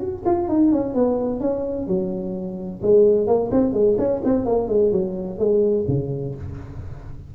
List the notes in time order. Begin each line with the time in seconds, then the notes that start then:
0.00 F#4
0.26 F4
0.49 D#4
0.72 C#4
0.95 B3
1.40 C#4
1.87 F#3
2.83 G#3
3.27 A#3
3.52 C4
3.73 G#3
3.98 C#4
4.24 C4
4.46 A#3
4.69 G#3
4.92 F#3
5.39 G#3
5.88 C#3